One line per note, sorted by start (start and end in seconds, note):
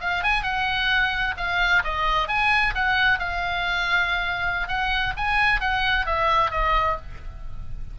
0.00 0.23 F5
0.23 0.43 G#5
0.43 1.34 F#5
1.37 1.82 F5
1.83 2.28 D#5
2.28 2.74 G#5
2.74 3.19 F#5
3.19 4.67 F5
4.67 5.13 F#5
5.16 5.60 G#5
5.60 6.06 F#5
6.06 6.50 E5
6.50 6.96 D#5